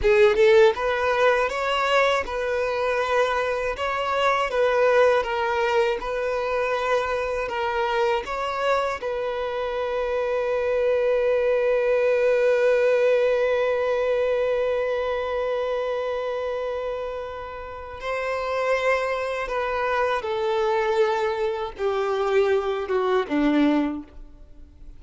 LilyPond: \new Staff \with { instrumentName = "violin" } { \time 4/4 \tempo 4 = 80 gis'8 a'8 b'4 cis''4 b'4~ | b'4 cis''4 b'4 ais'4 | b'2 ais'4 cis''4 | b'1~ |
b'1~ | b'1 | c''2 b'4 a'4~ | a'4 g'4. fis'8 d'4 | }